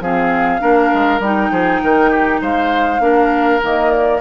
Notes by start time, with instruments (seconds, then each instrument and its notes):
0.00 bassoon F3, clarinet C4, oboe G#4, flute F5
0.60 bassoon A#3, clarinet D4, oboe A#4
0.94 bassoon G#3
1.20 bassoon G3, clarinet D#4, flute G5
1.51 bassoon F3, oboe G#4
1.83 bassoon D#3, oboe A#4
2.10 oboe G4
2.41 bassoon G#3, oboe C5, flute F5
3.00 bassoon A#3, clarinet D4, oboe A#4
3.62 bassoon D#3, clarinet A#3, flute D#5
3.91 flute D5